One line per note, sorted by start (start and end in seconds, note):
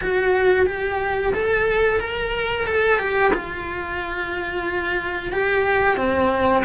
0.01 0.66 F#4
0.66 1.33 G4
1.34 2.00 A4
2.00 2.66 A#4
2.66 2.98 A4
2.98 3.32 G4
3.33 5.32 F4
5.32 5.96 G4
5.96 6.63 C4